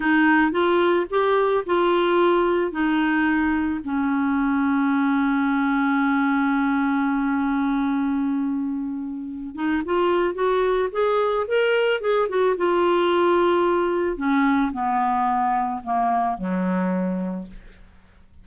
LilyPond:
\new Staff \with { instrumentName = "clarinet" } { \time 4/4 \tempo 4 = 110 dis'4 f'4 g'4 f'4~ | f'4 dis'2 cis'4~ | cis'1~ | cis'1~ |
cis'4. dis'8 f'4 fis'4 | gis'4 ais'4 gis'8 fis'8 f'4~ | f'2 cis'4 b4~ | b4 ais4 fis2 | }